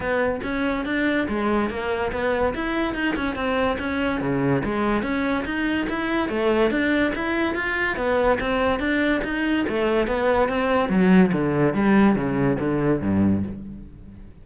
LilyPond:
\new Staff \with { instrumentName = "cello" } { \time 4/4 \tempo 4 = 143 b4 cis'4 d'4 gis4 | ais4 b4 e'4 dis'8 cis'8 | c'4 cis'4 cis4 gis4 | cis'4 dis'4 e'4 a4 |
d'4 e'4 f'4 b4 | c'4 d'4 dis'4 a4 | b4 c'4 fis4 d4 | g4 cis4 d4 g,4 | }